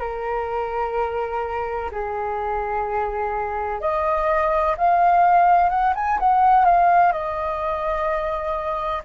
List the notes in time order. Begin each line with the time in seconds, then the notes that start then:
0.00 A#4
1.92 G#4
3.81 D#5
4.77 F5
5.70 F#5
5.95 G#5
6.19 F#5
6.65 F5
7.13 D#5